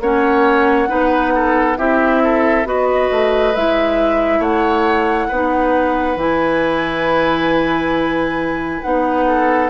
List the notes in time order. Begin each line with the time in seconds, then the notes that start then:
0.00 A#3 C#4 C#5 F#5
0.88 B3 D#4 B4
1.35 A4
1.77 C4 E4 G4 E5
2.24 A4
2.65 B3 F#4 B4 D#5
3.11 A3
3.55 G#3 E4 E5
4.39 A3 C#5 F#5
5.28 B3 D#4 B4
6.16 E3 E4 G#5
8.82 B3 D#4 F#5
9.27 A4